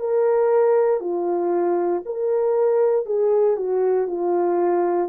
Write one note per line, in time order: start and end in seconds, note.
0.00 1.01 A#4
1.01 2.02 F4
2.05 3.06 A#4
3.06 3.57 G#4
3.57 4.08 F#4
4.08 5.09 F4